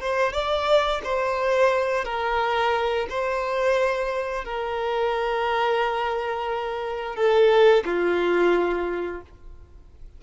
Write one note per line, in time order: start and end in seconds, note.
0.00 0.33 C5
0.33 1.01 D5
1.04 2.05 C5
2.05 3.07 A#4
3.09 4.44 C5
4.44 7.16 A#4
7.16 7.84 A4
7.85 9.21 F4